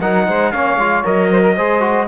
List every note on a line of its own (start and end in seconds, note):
0.00 0.27 F#3
0.00 0.53 D#4
0.00 0.26 A#4
0.00 0.51 F#5
0.27 0.53 G#3
0.27 0.51 C5
0.51 0.76 A#3
0.51 0.79 C#4
0.51 1.29 C#5
0.51 1.03 F5
0.76 1.02 G#3
0.76 1.04 F4
1.04 1.57 F#3
1.04 1.56 A#4
1.04 2.07 D#5
1.31 1.41 C5
1.41 1.54 A#4
1.55 2.07 G#3
1.55 1.80 G#4
1.55 2.07 C5
1.80 2.06 F#4